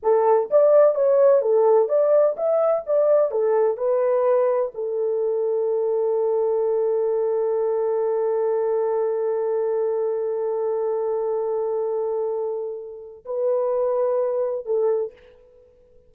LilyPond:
\new Staff \with { instrumentName = "horn" } { \time 4/4 \tempo 4 = 127 a'4 d''4 cis''4 a'4 | d''4 e''4 d''4 a'4 | b'2 a'2~ | a'1~ |
a'1~ | a'1~ | a'1 | b'2. a'4 | }